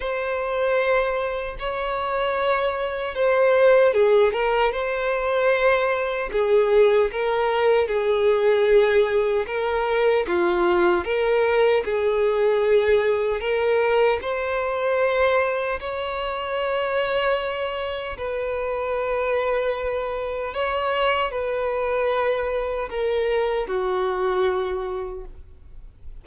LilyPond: \new Staff \with { instrumentName = "violin" } { \time 4/4 \tempo 4 = 76 c''2 cis''2 | c''4 gis'8 ais'8 c''2 | gis'4 ais'4 gis'2 | ais'4 f'4 ais'4 gis'4~ |
gis'4 ais'4 c''2 | cis''2. b'4~ | b'2 cis''4 b'4~ | b'4 ais'4 fis'2 | }